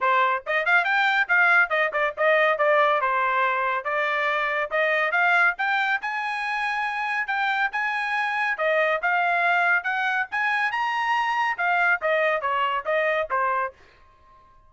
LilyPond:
\new Staff \with { instrumentName = "trumpet" } { \time 4/4 \tempo 4 = 140 c''4 dis''8 f''8 g''4 f''4 | dis''8 d''8 dis''4 d''4 c''4~ | c''4 d''2 dis''4 | f''4 g''4 gis''2~ |
gis''4 g''4 gis''2 | dis''4 f''2 fis''4 | gis''4 ais''2 f''4 | dis''4 cis''4 dis''4 c''4 | }